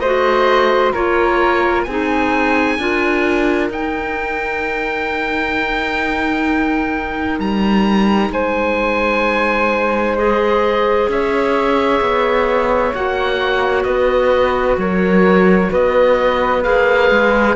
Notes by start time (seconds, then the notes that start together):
0.00 A3 F#4 C5 D#5
0.93 A#3 F4 A#4 C#5
1.83 C4 G#5
1.89 D#4 G#4
2.77 D4 F4 A#4
3.70 D#4 G5
7.39 G3 A#5
8.30 G#3 C5 G#5
10.18 G#4 D#5
11.08 C#4 C#5 E5
12.01 B3
12.95 A#3 F#4 F#5
13.84 B3 B4 D#5
14.77 F#3 A#4 C#5
15.71 B3 B4 D#5
16.64 A#3 G#4 F5
17.11 G#3